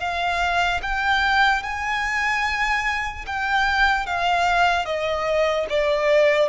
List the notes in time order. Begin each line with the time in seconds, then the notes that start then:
0.00 F5
0.83 G5
1.64 G#5
3.27 G5
4.07 F5
4.86 D#5
5.70 D5